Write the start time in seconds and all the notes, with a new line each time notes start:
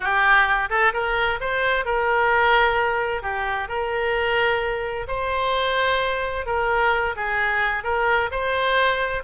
0.00 G4
0.69 A4
0.93 A#4
1.40 C5
1.85 A#4
3.22 G4
3.68 A#4
5.07 C5
6.46 A#4
7.16 G#4
7.83 A#4
8.31 C5